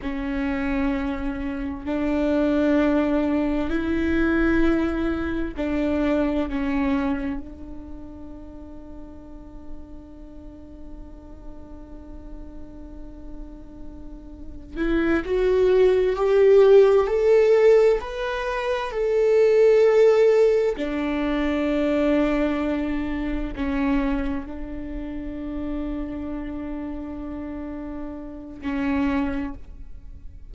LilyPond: \new Staff \with { instrumentName = "viola" } { \time 4/4 \tempo 4 = 65 cis'2 d'2 | e'2 d'4 cis'4 | d'1~ | d'1 |
e'8 fis'4 g'4 a'4 b'8~ | b'8 a'2 d'4.~ | d'4. cis'4 d'4.~ | d'2. cis'4 | }